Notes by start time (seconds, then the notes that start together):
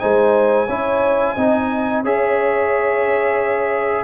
0.00 G#3 D#4 C5 G#5
0.67 C#4 E4 C#5
1.35 C4 D#4 D#5
2.03 C#4 G#4 C#5 E5